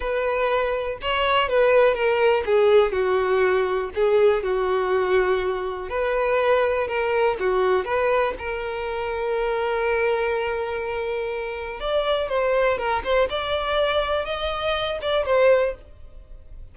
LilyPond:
\new Staff \with { instrumentName = "violin" } { \time 4/4 \tempo 4 = 122 b'2 cis''4 b'4 | ais'4 gis'4 fis'2 | gis'4 fis'2. | b'2 ais'4 fis'4 |
b'4 ais'2.~ | ais'1 | d''4 c''4 ais'8 c''8 d''4~ | d''4 dis''4. d''8 c''4 | }